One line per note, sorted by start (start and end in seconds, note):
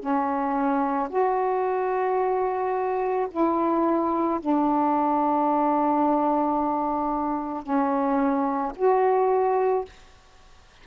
0.00 1.09 C#4
1.10 3.28 F#4
3.31 4.40 E4
4.41 7.64 D4
7.64 8.73 C#4
8.76 9.85 F#4